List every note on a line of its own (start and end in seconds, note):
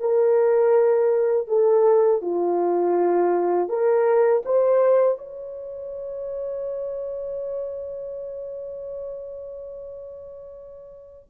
0.00 1.47 A#4
1.47 2.22 A4
2.22 3.69 F4
3.69 4.43 A#4
4.45 5.18 C5
5.18 11.29 C#5